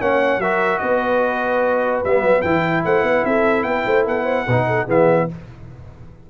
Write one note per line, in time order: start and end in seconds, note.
0.00 0.38 A#3
0.00 0.41 C#4
0.00 0.40 C#5
0.00 0.41 F#5
0.38 0.79 F#3
0.38 2.05 F#4
0.38 0.81 A#4
0.38 0.79 E5
0.79 2.04 B3
0.79 2.84 B4
0.79 2.00 D#5
2.04 2.23 G3
2.04 2.44 B3
2.04 2.41 E5
2.23 2.43 F#3
2.41 2.84 E3
2.41 4.47 E4
2.41 2.82 G5
2.84 3.03 A3
2.84 3.05 C5
2.84 3.25 F#5
3.03 3.23 B3
3.03 3.26 B4
3.25 3.63 C4
3.25 3.67 A4
3.25 3.63 E5
3.63 3.83 B3
3.63 3.86 B4
3.63 4.04 G5
3.86 4.06 A3
3.86 4.05 C5
4.05 4.47 B3
4.05 4.23 A4
4.05 4.89 F#5
4.23 4.43 C5
4.46 4.88 B2
4.46 4.88 D#4
4.46 4.66 B4
4.67 4.86 A4
4.86 5.28 E3
4.86 5.28 B3
4.86 5.26 G#4
4.86 5.30 E5